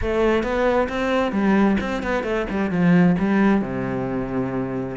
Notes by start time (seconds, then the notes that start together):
0.01 A3
0.43 B3
0.88 C4
1.32 G3
1.80 C4
2.02 B3
2.23 A3
2.50 G3
2.70 F3
3.18 G3
3.61 C3